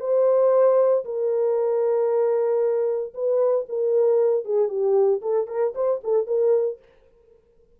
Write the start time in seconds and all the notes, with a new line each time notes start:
0.00 C5
1.05 A#4
3.14 B4
3.69 A#4
4.45 G#4
4.68 G4
5.22 A4
5.47 A#4
5.75 C5
6.03 A4
6.27 A#4